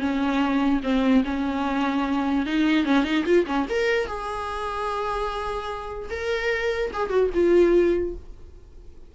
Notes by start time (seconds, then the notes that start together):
0.00 C#4
0.83 C4
1.25 C#4
2.46 D#4
2.85 C#4
3.04 D#4
3.25 F4
3.46 C#4
3.70 A#4
4.07 G#4
6.10 A#4
6.93 G#4
7.10 F#4
7.34 F4